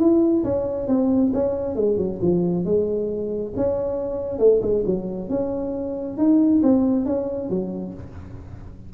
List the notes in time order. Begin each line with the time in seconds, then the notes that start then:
0.00 E4
0.44 C#4
0.88 C4
1.34 C#4
1.76 G#3
1.98 F#3
2.22 F3
2.65 G#3
3.57 C#4
4.39 A3
4.62 G#3
4.86 F#3
5.30 C#4
6.18 D#4
6.63 C4
7.06 C#4
7.50 F#3